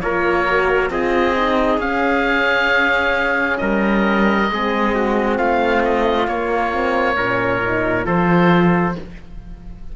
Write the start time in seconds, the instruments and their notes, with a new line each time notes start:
0.00 cello A#3, horn F4, trumpet A#4, oboe C#5
0.46 horn F#4
0.90 cello C4, horn F4, trumpet G#4, oboe D#5
1.37 horn D#4
1.78 cello C#4, horn C#4, oboe F5
3.57 cello G3, trumpet A#4, oboe D#5
4.50 cello G#3, horn C4, trumpet G#4
4.94 trumpet F#4
5.37 cello A3, trumpet F4, oboe F5
5.84 oboe D#5
6.27 cello A#3, horn A#3, oboe C#5
6.71 horn C4
7.16 cello A#2, horn C#4, trumpet A#4
7.62 horn D#4
8.03 cello F3, horn F4, trumpet A4, oboe C5